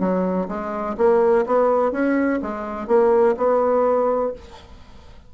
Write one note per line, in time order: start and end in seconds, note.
0.00 0.48 F#3
0.48 0.96 G#3
0.98 1.46 A#3
1.46 1.92 B3
1.92 2.40 C#4
2.42 2.87 G#3
2.87 3.35 A#3
3.37 4.33 B3